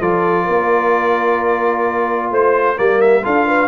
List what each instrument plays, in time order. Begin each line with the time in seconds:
0.00 tuba F3, trombone F4, horn A4, trumpet D5
0.44 tuba A#3, horn A#4
2.31 tuba A3, horn C5, trumpet C5
2.76 tuba G3, trombone A#3, horn A#4, trumpet D5
3.01 trumpet E5
3.22 tuba D4, trombone F4, horn A4, trumpet F5
3.46 horn B4